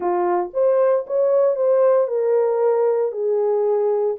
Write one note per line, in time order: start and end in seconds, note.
0.00 0.50 F4
0.53 1.05 C5
1.06 1.55 C#5
1.55 2.07 C5
2.07 3.12 A#4
3.12 4.16 G#4